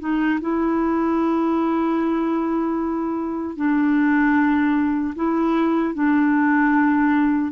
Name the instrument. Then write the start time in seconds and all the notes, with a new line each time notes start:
clarinet
0.00 D#4
0.41 E4
3.56 D4
5.16 E4
5.95 D4